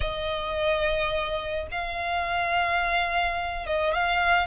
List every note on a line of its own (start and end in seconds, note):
0.00 1.67 D#5
1.71 3.66 F5
3.66 3.93 D#5
3.93 4.46 F5